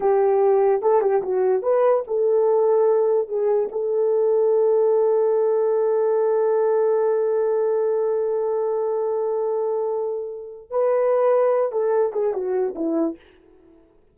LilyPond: \new Staff \with { instrumentName = "horn" } { \time 4/4 \tempo 4 = 146 g'2 a'8 g'8 fis'4 | b'4 a'2. | gis'4 a'2.~ | a'1~ |
a'1~ | a'1~ | a'2 b'2~ | b'8 a'4 gis'8 fis'4 e'4 | }